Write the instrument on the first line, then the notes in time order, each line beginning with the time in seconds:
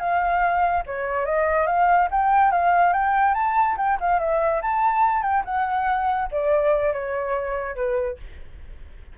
flute
0.00 F5
0.87 C#5
1.26 D#5
1.67 F5
2.11 G5
2.52 F5
2.94 G5
3.35 A5
3.78 G5
4.01 F5
4.20 E5
4.62 A5
5.23 G5
5.45 F#5
6.32 D5
6.93 C#5
7.76 B4